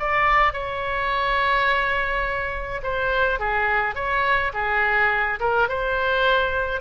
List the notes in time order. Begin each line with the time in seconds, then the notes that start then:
0.00 D5
0.53 C#5
2.83 C5
3.39 G#4
3.96 C#5
4.54 G#4
5.40 A#4
5.69 C5